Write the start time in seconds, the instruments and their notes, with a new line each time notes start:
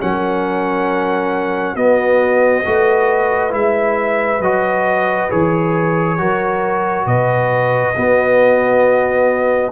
0.00 tuba F#3, trombone C#4, horn A#4, trumpet F#5
1.75 tuba B3, trombone B3, horn F#4, trumpet D#5
2.65 tuba A3, trombone F#4, horn B4
3.50 tuba G#3, trombone E4, trumpet E5
4.40 tuba F#3, trombone F#4, trumpet D#5
5.30 tuba E3, trombone G#4, trumpet C#5
6.18 tuba F#3, trombone F#4, horn A#4
7.06 tuba B2, horn B4, trumpet D#5
7.95 trombone B3, tuba B3, horn F#4